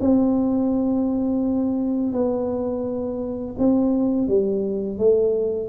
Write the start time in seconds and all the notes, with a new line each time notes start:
0.00 C4
2.12 B3
3.58 C4
4.27 G3
4.98 A3